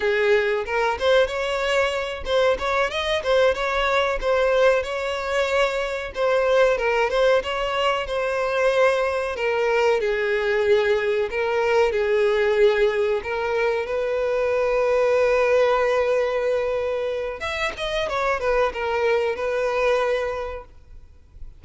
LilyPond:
\new Staff \with { instrumentName = "violin" } { \time 4/4 \tempo 4 = 93 gis'4 ais'8 c''8 cis''4. c''8 | cis''8 dis''8 c''8 cis''4 c''4 cis''8~ | cis''4. c''4 ais'8 c''8 cis''8~ | cis''8 c''2 ais'4 gis'8~ |
gis'4. ais'4 gis'4.~ | gis'8 ais'4 b'2~ b'8~ | b'2. e''8 dis''8 | cis''8 b'8 ais'4 b'2 | }